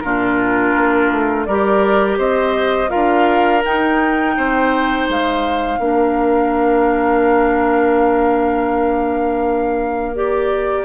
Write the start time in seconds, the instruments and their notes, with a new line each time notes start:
0.00 bassoon A#2, clarinet D4, oboe F4, flute A#4
0.76 bassoon A#3
1.11 bassoon A3
1.45 bassoon G3, clarinet G4, oboe A#4, flute D5
2.17 bassoon C4, oboe C5, flute D#5
2.88 clarinet F4, oboe A#4, flute F5
2.95 bassoon D4
3.64 bassoon D#4, clarinet D#4, flute G5
4.37 bassoon C4, oboe C5
5.09 bassoon G#3, flute F5
5.78 bassoon A#3, clarinet D4, oboe A#4
10.15 clarinet G4, flute D5